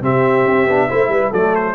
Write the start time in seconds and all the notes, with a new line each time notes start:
0.00 C3 C4 G4 E5
0.45 C4
0.67 B3 D4
0.88 A3 E4 C5
1.08 G3 B4
1.30 F#3 A3 A4 D5
1.55 C5